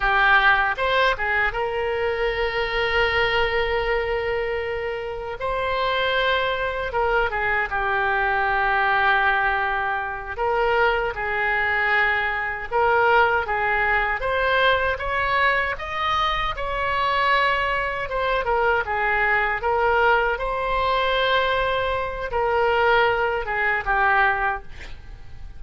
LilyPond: \new Staff \with { instrumentName = "oboe" } { \time 4/4 \tempo 4 = 78 g'4 c''8 gis'8 ais'2~ | ais'2. c''4~ | c''4 ais'8 gis'8 g'2~ | g'4. ais'4 gis'4.~ |
gis'8 ais'4 gis'4 c''4 cis''8~ | cis''8 dis''4 cis''2 c''8 | ais'8 gis'4 ais'4 c''4.~ | c''4 ais'4. gis'8 g'4 | }